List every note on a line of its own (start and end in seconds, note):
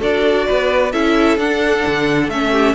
0.00 0.47 D4
0.00 0.92 F#4
0.00 0.46 A4
0.00 0.92 D5
0.47 0.93 B3
0.47 0.92 B4
0.92 1.38 C#4
0.92 1.39 E4
0.92 2.51 A4
0.92 1.38 E5
1.38 1.83 D4
1.38 2.32 D4
1.38 2.30 F#5
1.86 2.29 D3
2.29 2.74 A3
2.29 2.74 C#4
2.29 2.74 E5
2.51 2.74 G4